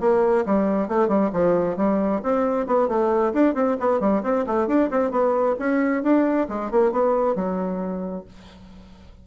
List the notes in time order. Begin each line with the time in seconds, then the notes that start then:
0.00 A#3
0.46 G3
0.88 A3
1.08 G3
1.32 F3
1.77 G3
2.23 C4
2.66 B3
2.88 A3
3.33 D4
3.55 C4
3.80 B3
4.00 G3
4.23 C4
4.46 A3
4.67 D4
4.91 C4
5.11 B3
5.59 C#4
6.03 D4
6.48 G#3
6.71 A#3
6.92 B3
7.35 F#3